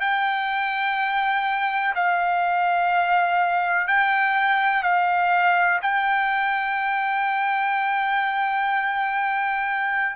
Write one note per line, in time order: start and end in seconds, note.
0.00 1.94 G5
1.95 3.87 F5
3.87 4.83 G5
4.83 5.80 F5
5.82 10.16 G5